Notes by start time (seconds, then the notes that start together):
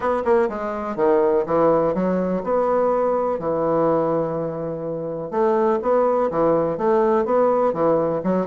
0.00 B3
0.24 A#3
0.49 G#3
0.96 D#3
1.46 E3
1.94 F#3
2.43 B3
3.39 E3
5.30 A3
5.82 B3
6.30 E3
6.77 A3
7.25 B3
7.73 E3
8.23 F#3